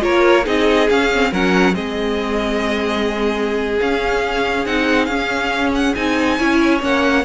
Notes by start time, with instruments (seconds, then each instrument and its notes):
0.00 cello A#3, viola F4, violin A#4 C#5
0.44 cello C4, viola D#4, violin G#4 D#5
0.90 cello C#4, viola C#4, violin F5
1.13 viola C4
1.31 cello F#3, viola C#4, violin A#4 F#5
1.73 cello G#3, viola C4, violin G#4 D#5
3.80 cello C#4, viola C#4, violin F5
4.65 cello C4, viola D#4, violin F#5
5.05 cello C#4, violin F5
5.12 viola C#4
5.74 violin F#5
5.94 cello C4, viola D#4, violin G#5
6.37 cello C#4, viola E4, violin C#5
6.80 cello A#3, viola C#4, violin F#5